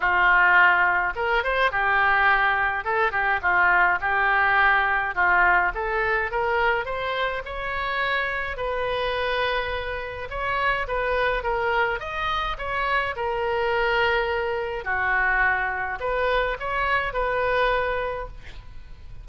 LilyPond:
\new Staff \with { instrumentName = "oboe" } { \time 4/4 \tempo 4 = 105 f'2 ais'8 c''8 g'4~ | g'4 a'8 g'8 f'4 g'4~ | g'4 f'4 a'4 ais'4 | c''4 cis''2 b'4~ |
b'2 cis''4 b'4 | ais'4 dis''4 cis''4 ais'4~ | ais'2 fis'2 | b'4 cis''4 b'2 | }